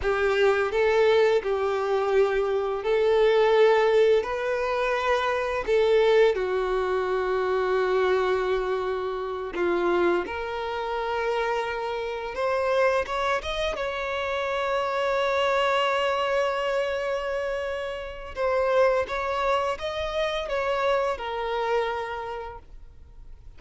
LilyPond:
\new Staff \with { instrumentName = "violin" } { \time 4/4 \tempo 4 = 85 g'4 a'4 g'2 | a'2 b'2 | a'4 fis'2.~ | fis'4. f'4 ais'4.~ |
ais'4. c''4 cis''8 dis''8 cis''8~ | cis''1~ | cis''2 c''4 cis''4 | dis''4 cis''4 ais'2 | }